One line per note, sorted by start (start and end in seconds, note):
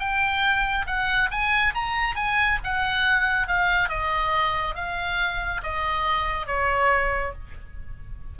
0.00 0.86 G5
0.87 1.30 F#5
1.31 1.74 G#5
1.75 2.16 A#5
2.16 2.59 G#5
2.64 3.48 F#5
3.48 3.89 F5
3.89 4.76 D#5
4.76 5.62 F5
5.64 6.47 D#5
6.47 7.33 C#5